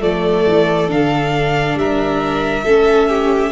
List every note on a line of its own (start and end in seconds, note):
0.00 0.46 F3
0.00 0.88 A3
0.00 1.77 A4
0.00 0.91 D5
0.47 0.91 E3
0.88 1.75 D3
0.88 2.65 D4
0.88 1.78 F5
1.75 2.63 G3
1.75 2.65 A#4
1.75 3.52 E5
2.65 3.52 A3
2.65 3.52 C#4
2.65 3.09 A4
3.09 3.52 G4